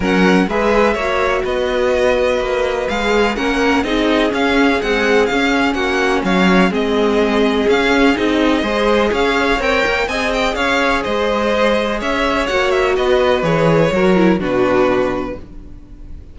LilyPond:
<<
  \new Staff \with { instrumentName = "violin" } { \time 4/4 \tempo 4 = 125 fis''4 e''2 dis''4~ | dis''2 f''4 fis''4 | dis''4 f''4 fis''4 f''4 | fis''4 f''4 dis''2 |
f''4 dis''2 f''4 | g''4 gis''8 g''8 f''4 dis''4~ | dis''4 e''4 fis''8 e''8 dis''4 | cis''2 b'2 | }
  \new Staff \with { instrumentName = "violin" } { \time 4/4 ais'4 b'4 cis''4 b'4~ | b'2. ais'4 | gis'1 | fis'4 cis''4 gis'2~ |
gis'2 c''4 cis''4~ | cis''4 dis''4 cis''4 c''4~ | c''4 cis''2 b'4~ | b'4 ais'4 fis'2 | }
  \new Staff \with { instrumentName = "viola" } { \time 4/4 cis'4 gis'4 fis'2~ | fis'2 gis'4 cis'4 | dis'4 cis'4 gis4 cis'4~ | cis'2 c'2 |
cis'4 dis'4 gis'2 | ais'4 gis'2.~ | gis'2 fis'2 | gis'4 fis'8 e'8 d'2 | }
  \new Staff \with { instrumentName = "cello" } { \time 4/4 fis4 gis4 ais4 b4~ | b4 ais4 gis4 ais4 | c'4 cis'4 c'4 cis'4 | ais4 fis4 gis2 |
cis'4 c'4 gis4 cis'4 | c'8 ais8 c'4 cis'4 gis4~ | gis4 cis'4 ais4 b4 | e4 fis4 b,2 | }
>>